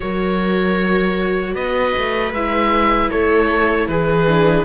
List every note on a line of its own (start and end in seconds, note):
0.00 1.54 F#3
0.00 2.33 F#4
0.00 1.55 A#4
0.00 1.54 C#5
1.54 1.93 B3
1.54 3.11 B4
1.54 2.32 D#5
1.97 2.31 A3
2.31 3.09 G#3
2.31 4.27 E4
2.31 3.10 E5
3.10 3.88 A3
3.10 3.89 A4
3.10 3.87 C#5
3.87 4.65 E3
3.87 4.65 G#4
3.87 4.65 B4
4.27 4.65 D4